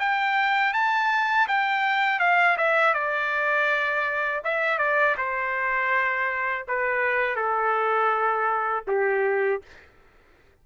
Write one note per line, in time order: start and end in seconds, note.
0.00 0.74 G5
0.74 1.48 A5
1.48 2.20 G5
2.20 2.57 F5
2.58 2.94 E5
2.94 4.42 D5
4.44 4.79 E5
4.79 5.16 D5
5.18 6.66 C5
6.68 7.36 B4
7.36 8.85 A4
8.88 9.62 G4